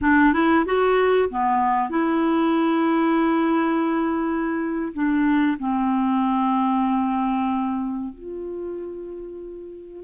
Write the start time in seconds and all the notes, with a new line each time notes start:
0.01 D4
0.33 E4
0.65 F#4
1.29 B3
1.89 E4
4.93 D4
5.59 C4
8.14 F4